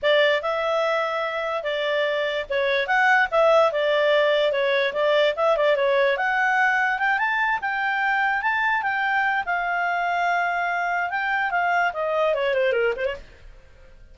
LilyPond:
\new Staff \with { instrumentName = "clarinet" } { \time 4/4 \tempo 4 = 146 d''4 e''2. | d''2 cis''4 fis''4 | e''4 d''2 cis''4 | d''4 e''8 d''8 cis''4 fis''4~ |
fis''4 g''8 a''4 g''4.~ | g''8 a''4 g''4. f''4~ | f''2. g''4 | f''4 dis''4 cis''8 c''8 ais'8 c''16 cis''16 | }